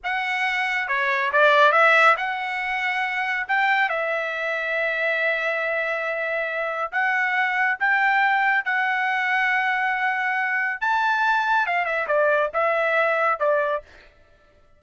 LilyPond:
\new Staff \with { instrumentName = "trumpet" } { \time 4/4 \tempo 4 = 139 fis''2 cis''4 d''4 | e''4 fis''2. | g''4 e''2.~ | e''1 |
fis''2 g''2 | fis''1~ | fis''4 a''2 f''8 e''8 | d''4 e''2 d''4 | }